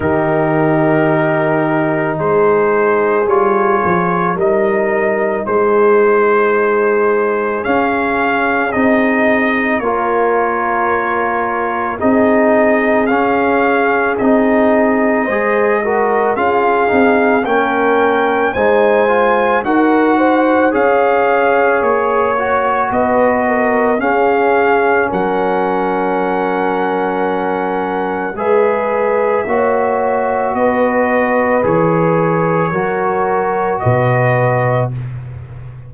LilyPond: <<
  \new Staff \with { instrumentName = "trumpet" } { \time 4/4 \tempo 4 = 55 ais'2 c''4 cis''4 | dis''4 c''2 f''4 | dis''4 cis''2 dis''4 | f''4 dis''2 f''4 |
g''4 gis''4 fis''4 f''4 | cis''4 dis''4 f''4 fis''4~ | fis''2 e''2 | dis''4 cis''2 dis''4 | }
  \new Staff \with { instrumentName = "horn" } { \time 4/4 g'2 gis'2 | ais'4 gis'2.~ | gis'4 ais'2 gis'4~ | gis'2 c''8 ais'8 gis'4 |
ais'4 c''4 ais'8 c''8 cis''4~ | cis''4 b'8 ais'8 gis'4 ais'4~ | ais'2 b'4 cis''4 | b'2 ais'4 b'4 | }
  \new Staff \with { instrumentName = "trombone" } { \time 4/4 dis'2. f'4 | dis'2. cis'4 | dis'4 f'2 dis'4 | cis'4 dis'4 gis'8 fis'8 f'8 dis'8 |
cis'4 dis'8 f'8 fis'4 gis'4~ | gis'8 fis'4. cis'2~ | cis'2 gis'4 fis'4~ | fis'4 gis'4 fis'2 | }
  \new Staff \with { instrumentName = "tuba" } { \time 4/4 dis2 gis4 g8 f8 | g4 gis2 cis'4 | c'4 ais2 c'4 | cis'4 c'4 gis4 cis'8 c'8 |
ais4 gis4 dis'4 cis'4 | ais4 b4 cis'4 fis4~ | fis2 gis4 ais4 | b4 e4 fis4 b,4 | }
>>